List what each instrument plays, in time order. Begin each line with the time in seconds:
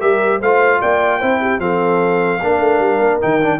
0.00 tuba G3, trombone G4, horn A#4, trumpet E5
0.40 tuba A3, trombone F4, horn C5, trumpet F5
0.80 tuba A#3, horn D5, trumpet G5
1.19 tuba C4, trombone E4, horn C5
1.40 horn G4
1.59 tuba F3, trombone C4, horn A4, trumpet F5
2.42 tuba A#3, trombone D4, horn A#4
2.59 tuba A3
2.79 tuba G3
2.99 tuba A#3
3.21 tuba D#3, trombone D#4, trumpet G5
3.41 trombone D4